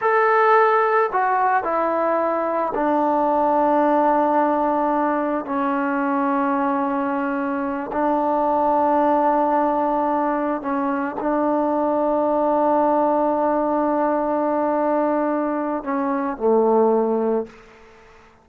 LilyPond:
\new Staff \with { instrumentName = "trombone" } { \time 4/4 \tempo 4 = 110 a'2 fis'4 e'4~ | e'4 d'2.~ | d'2 cis'2~ | cis'2~ cis'8 d'4.~ |
d'2.~ d'8 cis'8~ | cis'8 d'2.~ d'8~ | d'1~ | d'4 cis'4 a2 | }